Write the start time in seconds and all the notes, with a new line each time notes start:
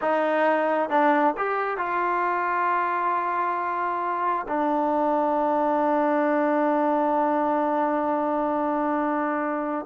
0.01 D#4
0.89 D4
1.37 G4
1.77 F4
4.48 D4